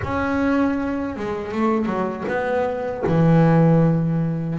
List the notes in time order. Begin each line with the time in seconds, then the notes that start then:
0.03 C#4
1.16 G#3
1.52 A3
1.85 F#3
2.28 B3
3.07 E3